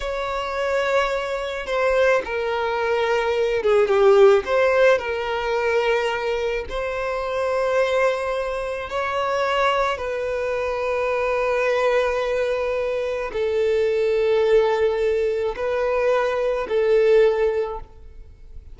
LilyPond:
\new Staff \with { instrumentName = "violin" } { \time 4/4 \tempo 4 = 108 cis''2. c''4 | ais'2~ ais'8 gis'8 g'4 | c''4 ais'2. | c''1 |
cis''2 b'2~ | b'1 | a'1 | b'2 a'2 | }